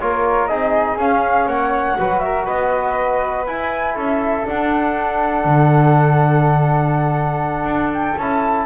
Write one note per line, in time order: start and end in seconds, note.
0.00 0.50 A#3
0.00 0.49 F4
0.00 0.50 A#4
0.00 0.47 C#5
0.47 0.97 C4
0.47 0.99 D#4
0.47 1.47 G#4
0.47 0.97 D#5
0.97 1.46 C#4
0.97 1.99 C#4
0.97 1.48 F5
1.46 1.96 A#3
1.46 1.97 C#5
1.46 2.19 F#5
1.99 2.49 F#3
1.99 3.47 F#4
1.99 2.24 B4
2.19 2.45 A#4
2.19 2.44 E5
2.45 3.48 B3
2.45 3.94 B4
2.45 3.45 D#5
3.47 4.44 E4
3.47 3.96 E4
3.47 3.96 G#5
3.95 4.45 C#4
3.95 8.66 A4
3.95 4.46 E5
4.44 8.16 D4
4.44 5.45 D4
4.44 7.93 F#5
5.45 7.64 D3
7.64 8.14 D4
7.93 8.18 G5
8.18 8.66 C#4
8.18 8.66 E4
8.18 8.66 A5